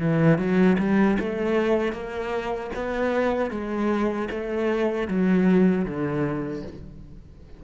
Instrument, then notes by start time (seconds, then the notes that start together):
cello
0.00 E3
0.39 F#3
0.79 G3
1.20 A3
1.93 A#3
2.76 B3
3.51 G#3
4.31 A3
5.08 F#3
5.85 D3